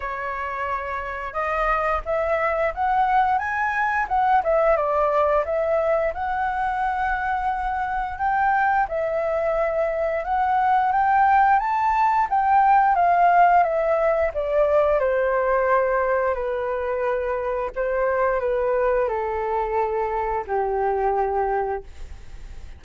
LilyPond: \new Staff \with { instrumentName = "flute" } { \time 4/4 \tempo 4 = 88 cis''2 dis''4 e''4 | fis''4 gis''4 fis''8 e''8 d''4 | e''4 fis''2. | g''4 e''2 fis''4 |
g''4 a''4 g''4 f''4 | e''4 d''4 c''2 | b'2 c''4 b'4 | a'2 g'2 | }